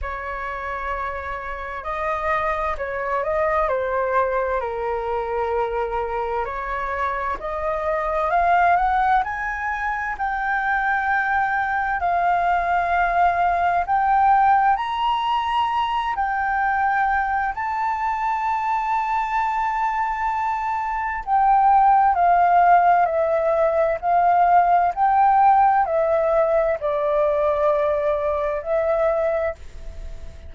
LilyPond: \new Staff \with { instrumentName = "flute" } { \time 4/4 \tempo 4 = 65 cis''2 dis''4 cis''8 dis''8 | c''4 ais'2 cis''4 | dis''4 f''8 fis''8 gis''4 g''4~ | g''4 f''2 g''4 |
ais''4. g''4. a''4~ | a''2. g''4 | f''4 e''4 f''4 g''4 | e''4 d''2 e''4 | }